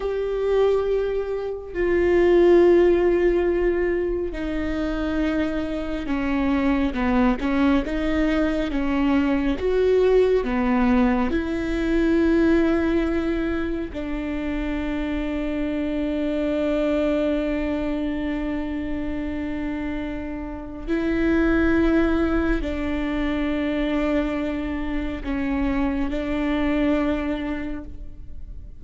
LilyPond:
\new Staff \with { instrumentName = "viola" } { \time 4/4 \tempo 4 = 69 g'2 f'2~ | f'4 dis'2 cis'4 | b8 cis'8 dis'4 cis'4 fis'4 | b4 e'2. |
d'1~ | d'1 | e'2 d'2~ | d'4 cis'4 d'2 | }